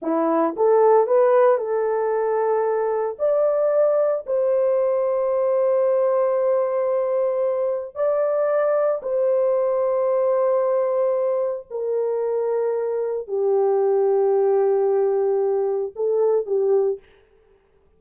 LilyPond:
\new Staff \with { instrumentName = "horn" } { \time 4/4 \tempo 4 = 113 e'4 a'4 b'4 a'4~ | a'2 d''2 | c''1~ | c''2. d''4~ |
d''4 c''2.~ | c''2 ais'2~ | ais'4 g'2.~ | g'2 a'4 g'4 | }